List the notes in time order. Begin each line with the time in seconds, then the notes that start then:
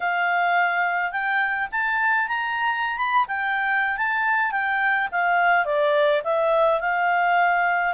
0.00 F5
1.11 G5
1.71 A5
2.27 A#5
2.97 B5
3.27 G5
3.97 A5
4.51 G5
5.11 F5
5.65 D5
6.23 E5
6.80 F5